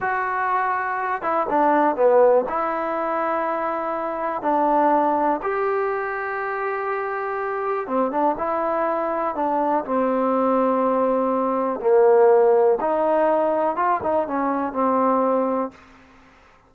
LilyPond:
\new Staff \with { instrumentName = "trombone" } { \time 4/4 \tempo 4 = 122 fis'2~ fis'8 e'8 d'4 | b4 e'2.~ | e'4 d'2 g'4~ | g'1 |
c'8 d'8 e'2 d'4 | c'1 | ais2 dis'2 | f'8 dis'8 cis'4 c'2 | }